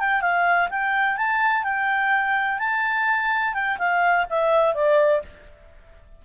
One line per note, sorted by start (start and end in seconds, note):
0.00 0.21 G5
0.21 0.69 F5
0.70 1.18 G5
1.18 1.64 A5
1.64 2.59 G5
2.59 3.54 A5
3.54 3.78 G5
3.79 4.26 F5
4.30 4.75 E5
4.75 5.23 D5